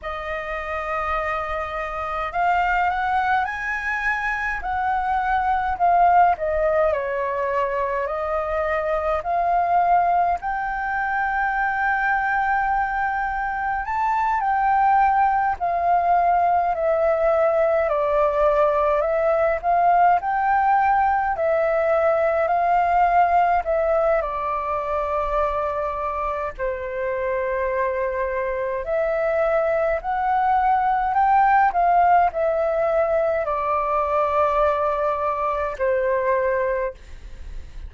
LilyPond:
\new Staff \with { instrumentName = "flute" } { \time 4/4 \tempo 4 = 52 dis''2 f''8 fis''8 gis''4 | fis''4 f''8 dis''8 cis''4 dis''4 | f''4 g''2. | a''8 g''4 f''4 e''4 d''8~ |
d''8 e''8 f''8 g''4 e''4 f''8~ | f''8 e''8 d''2 c''4~ | c''4 e''4 fis''4 g''8 f''8 | e''4 d''2 c''4 | }